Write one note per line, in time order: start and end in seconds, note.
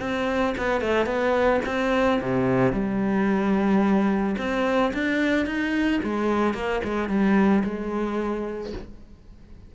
0.00 0.55 C4
0.58 0.81 B3
0.81 1.06 A3
1.06 1.61 B3
1.66 2.20 C4
2.21 2.72 C3
2.72 4.36 G3
4.38 4.92 C4
4.94 5.46 D4
5.46 6.00 D#4
6.03 6.54 G#3
6.54 6.81 A#3
6.84 7.09 G#3
7.09 7.63 G3
7.64 8.73 G#3